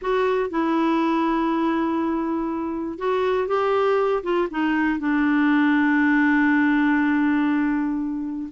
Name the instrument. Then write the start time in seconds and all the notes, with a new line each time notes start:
clarinet
0.01 F#4
0.50 E4
2.98 F#4
3.47 G4
4.23 F4
4.50 D#4
4.99 D4